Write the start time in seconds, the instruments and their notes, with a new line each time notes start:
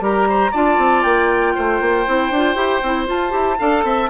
0.00 bassoon G3, clarinet G4, oboe A#4, flute A#5
0.29 oboe C5
0.51 bassoon D4, clarinet F4, oboe D5, flute A5
0.78 bassoon C4
1.02 bassoon A#3, flute G5
1.55 bassoon A3, oboe C5
1.80 bassoon A#3
2.06 bassoon C4, clarinet E4
2.31 bassoon D4, clarinet F4
2.55 bassoon E4, clarinet G4
2.82 bassoon C4, clarinet E4
3.06 clarinet F4, bassoon F4, flute A5
3.30 bassoon E4, clarinet G4
3.58 bassoon D4, clarinet A4, oboe F5
3.84 bassoon C4, oboe E5